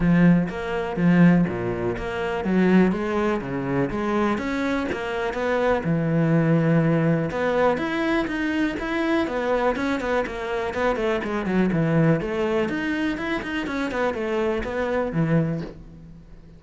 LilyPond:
\new Staff \with { instrumentName = "cello" } { \time 4/4 \tempo 4 = 123 f4 ais4 f4 ais,4 | ais4 fis4 gis4 cis4 | gis4 cis'4 ais4 b4 | e2. b4 |
e'4 dis'4 e'4 b4 | cis'8 b8 ais4 b8 a8 gis8 fis8 | e4 a4 dis'4 e'8 dis'8 | cis'8 b8 a4 b4 e4 | }